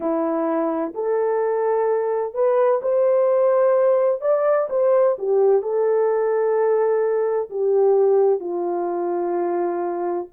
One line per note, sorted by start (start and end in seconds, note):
0.00 0.93 E4
0.94 2.34 A4
2.34 2.80 B4
2.81 4.21 C5
4.21 4.67 D5
4.69 5.16 C5
5.18 5.62 G4
5.62 7.49 A4
7.50 8.39 G4
8.39 10.27 F4